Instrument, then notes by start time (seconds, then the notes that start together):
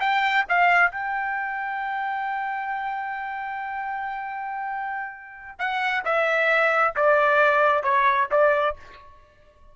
trumpet
0.00 G5
0.49 F5
0.91 G5
5.59 F#5
6.04 E5
6.96 D5
7.83 C#5
8.31 D5